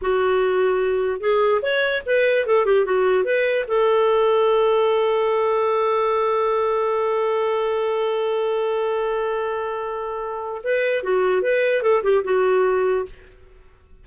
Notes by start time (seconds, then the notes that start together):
0.01 F#4
1.20 G#4
1.62 C#5
2.06 B4
2.46 A4
2.65 G4
2.85 F#4
3.24 B4
3.67 A4
10.63 B4
11.03 F#4
11.41 B4
11.82 A4
12.03 G4
12.24 F#4